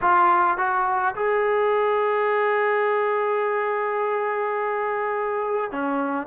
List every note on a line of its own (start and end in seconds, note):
0.01 0.57 F4
0.57 1.14 F#4
1.15 5.71 G#4
5.71 6.26 C#4